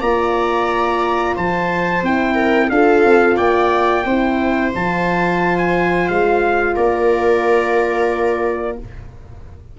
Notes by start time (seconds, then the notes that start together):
0.00 A#3 F4 D5 A#5
1.35 F3 C5 A5
2.02 C4 E4 G5
2.34 A#4
2.70 D4 F4 A4 F5
3.04 C4
3.36 A#3 D5 G5
4.05 C4 E4 C5
4.75 F3 F4 A5
5.58 G#5
6.08 G#3 F5
6.75 A#3 A#4 D5